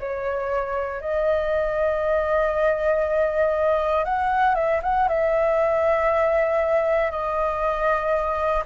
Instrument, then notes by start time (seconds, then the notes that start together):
flute
0.00 C#5
1.01 D#5
4.04 F#5
4.55 E5
4.83 F#5
5.08 E5
7.11 D#5